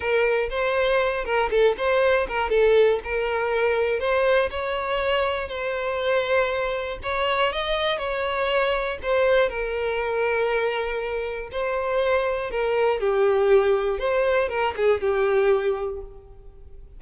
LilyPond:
\new Staff \with { instrumentName = "violin" } { \time 4/4 \tempo 4 = 120 ais'4 c''4. ais'8 a'8 c''8~ | c''8 ais'8 a'4 ais'2 | c''4 cis''2 c''4~ | c''2 cis''4 dis''4 |
cis''2 c''4 ais'4~ | ais'2. c''4~ | c''4 ais'4 g'2 | c''4 ais'8 gis'8 g'2 | }